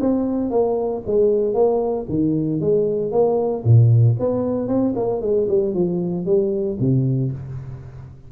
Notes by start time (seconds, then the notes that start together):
0.00 C4
0.50 A#3
1.06 G#3
1.54 A#3
2.09 D#3
2.60 G#3
3.11 A#3
3.64 A#2
4.19 B3
4.67 C4
4.95 A#3
5.21 G#3
5.48 G3
5.74 F3
6.25 G3
6.79 C3